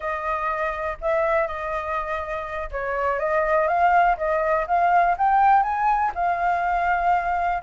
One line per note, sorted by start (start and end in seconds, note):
0.00 0.97 D#5
1.01 1.47 E5
1.47 2.70 D#5
2.71 3.19 C#5
3.19 3.67 D#5
3.67 4.16 F5
4.17 4.66 D#5
4.67 5.16 F5
5.17 5.62 G5
5.62 6.11 G#5
6.14 7.62 F5